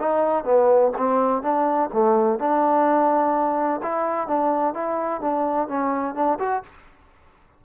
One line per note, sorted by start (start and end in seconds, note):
0.00 0.45 D#4
0.45 0.92 B3
0.98 1.43 C4
1.43 1.90 D4
1.93 2.39 A3
2.39 3.81 D4
3.83 4.28 E4
4.28 4.74 D4
4.74 5.21 E4
5.21 5.68 D4
5.68 6.15 C#4
6.15 6.39 D4
6.40 6.63 F#4